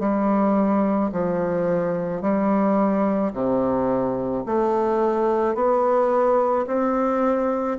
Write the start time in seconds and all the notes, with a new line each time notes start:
0.00 G3
1.13 F3
2.22 G3
3.34 C3
4.46 A3
5.55 B3
6.67 C4